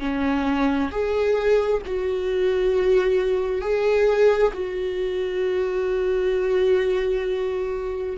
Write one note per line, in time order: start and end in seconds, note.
0.00 0.91 C#4
0.91 1.82 G#4
1.86 3.62 F#4
3.62 4.52 G#4
4.54 8.18 F#4